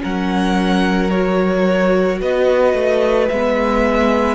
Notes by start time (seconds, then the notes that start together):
0.00 F#3 C#4 A#4 F#5
1.10 F#4 C#5
2.20 B3 B4 D#5
2.73 A3
3.28 G#3 B3 E5